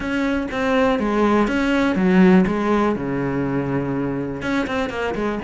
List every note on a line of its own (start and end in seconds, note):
0.00 0.47 C#4
0.51 0.99 C4
0.99 1.47 G#3
1.47 1.95 C#4
1.95 2.44 F#3
2.47 2.95 G#3
2.95 4.42 C#3
4.42 4.66 C#4
4.66 4.89 C4
4.89 5.14 A#3
5.14 5.39 G#3